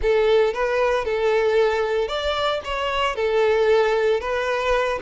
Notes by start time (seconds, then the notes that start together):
0.02 A4
0.53 B4
1.04 A4
2.08 D5
2.64 C#5
3.15 A4
4.20 B4